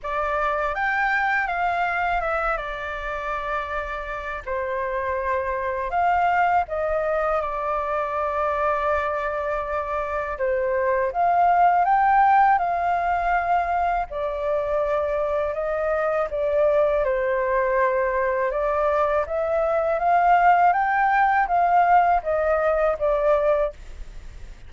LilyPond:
\new Staff \with { instrumentName = "flute" } { \time 4/4 \tempo 4 = 81 d''4 g''4 f''4 e''8 d''8~ | d''2 c''2 | f''4 dis''4 d''2~ | d''2 c''4 f''4 |
g''4 f''2 d''4~ | d''4 dis''4 d''4 c''4~ | c''4 d''4 e''4 f''4 | g''4 f''4 dis''4 d''4 | }